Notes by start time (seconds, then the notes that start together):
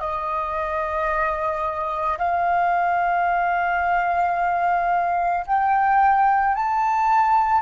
0.00 D#5
2.19 F5
5.47 G5
6.55 A5